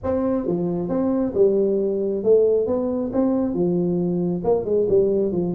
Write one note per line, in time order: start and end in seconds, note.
0.03 0.46 C4
0.46 0.88 F3
0.88 1.33 C4
1.34 2.23 G3
2.23 2.66 A3
2.66 3.11 B3
3.12 3.54 C4
3.54 4.43 F3
4.44 4.64 A#3
4.64 4.87 G#3
4.89 5.32 G3
5.32 5.54 F3